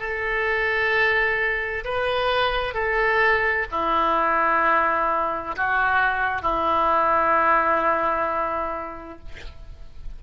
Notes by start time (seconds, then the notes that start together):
0.00 A4
1.85 B4
2.74 A4
3.71 E4
5.56 F#4
6.42 E4